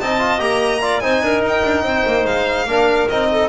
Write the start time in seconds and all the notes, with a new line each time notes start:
0.00 C4 D#4 D#5 A5
0.19 F4
0.39 A#3 G4 A#5
0.82 F4 D5
1.00 C4 D#4 C5 G#5
1.22 D4 A#4
1.42 D#4 G5
1.65 D4
1.83 C4 C5
2.06 A#3
2.25 G#3 F5
2.65 A#3 D4 A#4
3.09 C4 D#4 D#5
3.32 A4